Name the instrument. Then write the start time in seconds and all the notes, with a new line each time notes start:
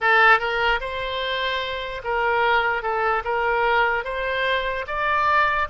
oboe
0.00 A4
0.39 A#4
0.80 C5
2.03 A#4
2.82 A4
3.24 A#4
4.04 C5
4.87 D5